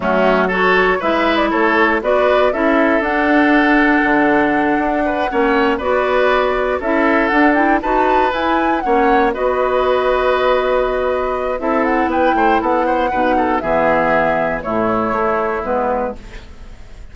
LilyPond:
<<
  \new Staff \with { instrumentName = "flute" } { \time 4/4 \tempo 4 = 119 fis'4 cis''4 e''8. d''16 cis''4 | d''4 e''4 fis''2~ | fis''2.~ fis''8 d''8~ | d''4. e''4 fis''8 g''8 a''8~ |
a''8 gis''4 fis''4 dis''4.~ | dis''2. e''8 fis''8 | g''4 fis''2 e''4~ | e''4 cis''2 b'4 | }
  \new Staff \with { instrumentName = "oboe" } { \time 4/4 cis'4 a'4 b'4 a'4 | b'4 a'2.~ | a'2 b'8 cis''4 b'8~ | b'4. a'2 b'8~ |
b'4. cis''4 b'4.~ | b'2. a'4 | b'8 c''8 a'8 c''8 b'8 a'8 gis'4~ | gis'4 e'2. | }
  \new Staff \with { instrumentName = "clarinet" } { \time 4/4 a4 fis'4 e'2 | fis'4 e'4 d'2~ | d'2~ d'8 cis'4 fis'8~ | fis'4. e'4 d'8 e'8 fis'8~ |
fis'8 e'4 cis'4 fis'4.~ | fis'2. e'4~ | e'2 dis'4 b4~ | b4 a2 b4 | }
  \new Staff \with { instrumentName = "bassoon" } { \time 4/4 fis2 gis4 a4 | b4 cis'4 d'2 | d4. d'4 ais4 b8~ | b4. cis'4 d'4 dis'8~ |
dis'8 e'4 ais4 b4.~ | b2. c'4 | b8 a8 b4 b,4 e4~ | e4 a,4 a4 gis4 | }
>>